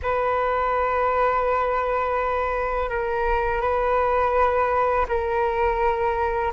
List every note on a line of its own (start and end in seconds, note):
0.02 2.89 B4
2.89 3.61 A#4
3.61 5.06 B4
5.08 6.53 A#4